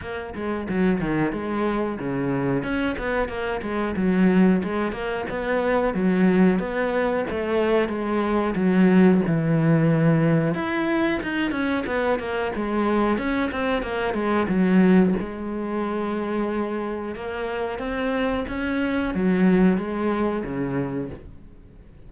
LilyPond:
\new Staff \with { instrumentName = "cello" } { \time 4/4 \tempo 4 = 91 ais8 gis8 fis8 dis8 gis4 cis4 | cis'8 b8 ais8 gis8 fis4 gis8 ais8 | b4 fis4 b4 a4 | gis4 fis4 e2 |
e'4 dis'8 cis'8 b8 ais8 gis4 | cis'8 c'8 ais8 gis8 fis4 gis4~ | gis2 ais4 c'4 | cis'4 fis4 gis4 cis4 | }